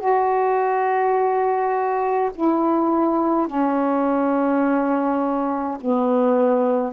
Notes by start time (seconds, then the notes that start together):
0.00 F#4
2.35 E4
3.48 C#4
5.81 B3